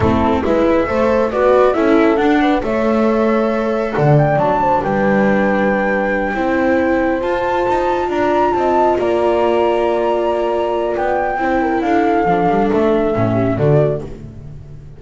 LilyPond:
<<
  \new Staff \with { instrumentName = "flute" } { \time 4/4 \tempo 4 = 137 a'4 e''2 d''4 | e''4 fis''4 e''2~ | e''4 fis''8 g''8 a''4 g''4~ | g''1~ |
g''8 a''2 ais''4 a''8~ | a''8 ais''2.~ ais''8~ | ais''4 g''2 f''4~ | f''4 e''2 d''4 | }
  \new Staff \with { instrumentName = "horn" } { \time 4/4 e'4 b'4 c''4 b'4 | a'4. b'8 cis''2~ | cis''4 d''4. c''8 b'4~ | b'2~ b'8 c''4.~ |
c''2~ c''8 d''4 dis''8~ | dis''8 d''2.~ d''8~ | d''2 c''8 ais'8 a'4~ | a'2~ a'8 g'8 fis'4 | }
  \new Staff \with { instrumentName = "viola" } { \time 4/4 c'4 e'4 a'4 fis'4 | e'4 d'4 a'2~ | a'2 d'2~ | d'2~ d'8 e'4.~ |
e'8 f'2.~ f'8~ | f'1~ | f'2 e'2 | d'2 cis'4 a4 | }
  \new Staff \with { instrumentName = "double bass" } { \time 4/4 a4 gis4 a4 b4 | cis'4 d'4 a2~ | a4 d4 fis4 g4~ | g2~ g8 c'4.~ |
c'8 f'4 dis'4 d'4 c'8~ | c'8 ais2.~ ais8~ | ais4 b4 c'4 d'4 | f8 g8 a4 a,4 d4 | }
>>